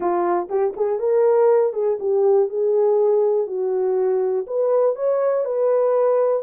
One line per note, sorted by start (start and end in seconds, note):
0.00 0.48 F4
0.49 0.73 G4
0.76 0.99 G#4
0.99 1.73 A#4
1.73 1.98 G#4
1.99 2.49 G4
2.49 3.46 G#4
3.46 4.46 F#4
4.46 4.95 B4
4.95 5.45 C#5
5.45 6.42 B4